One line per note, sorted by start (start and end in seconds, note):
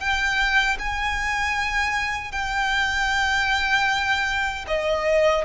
0.00 0.78 G5
0.79 2.32 G#5
2.32 4.66 G5
4.68 5.45 D#5